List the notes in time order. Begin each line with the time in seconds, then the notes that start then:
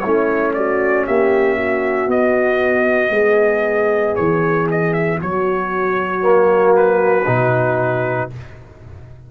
0.00 A3 C#4 E4 C#5
0.54 F#4 D5
1.07 A#3 G4 E5
1.58 F#4
2.07 B3 D#5
3.10 G#3 G#4
4.16 E3 C#5
4.71 D#5
4.93 E5
5.21 F#3 F#4 C#5
6.22 A#3
6.76 B4
7.27 B2 D#4